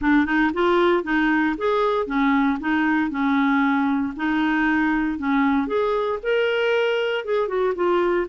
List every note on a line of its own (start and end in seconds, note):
0.01 0.25 D4
0.25 0.51 D#4
0.53 1.03 F4
1.03 1.55 D#4
1.57 2.06 G#4
2.06 2.58 C#4
2.60 3.10 D#4
3.10 4.13 C#4
4.16 5.18 D#4
5.18 5.67 C#4
5.67 6.18 G#4
6.22 7.24 A#4
7.24 7.47 G#4
7.47 7.73 F#4
7.75 8.26 F4